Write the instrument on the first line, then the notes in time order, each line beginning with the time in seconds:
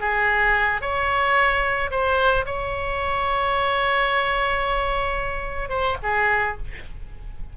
oboe
0.00 G#4
0.81 C#5
1.91 C5
2.46 C#5
5.69 C5
6.02 G#4